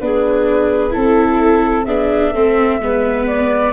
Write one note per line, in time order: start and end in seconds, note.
0.00 0.95 B3
0.00 0.91 D4
0.00 0.95 G#4
0.00 0.94 B4
0.91 1.88 C4
0.91 1.84 E4
0.91 1.86 A4
1.86 2.34 B3
1.86 2.34 D4
1.86 2.32 G#4
1.86 3.26 E5
2.32 2.80 A3
2.32 2.81 C4
2.32 2.79 A4
2.80 3.73 G#3
2.80 3.73 B3
2.80 3.73 B4
3.27 3.73 D5